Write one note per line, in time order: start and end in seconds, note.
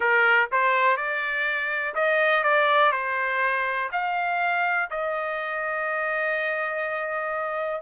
0.00 0.49 A#4
0.51 0.96 C5
0.96 1.94 D5
1.94 2.43 D#5
2.43 2.92 D5
2.92 3.89 C5
3.92 4.89 F5
4.90 7.81 D#5